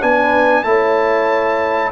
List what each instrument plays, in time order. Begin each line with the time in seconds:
0.00 tuba B3, trombone D4, horn B4, trumpet G#5
0.64 tuba A3, trombone E4, horn C#5, trumpet A5